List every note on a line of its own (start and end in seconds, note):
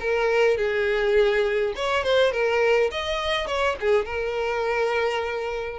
0.00 0.57 A#4
0.57 1.74 G#4
1.76 2.04 C#5
2.04 2.32 C5
2.32 2.90 A#4
2.91 3.47 D#5
3.47 3.76 C#5
3.80 4.05 G#4
4.05 5.79 A#4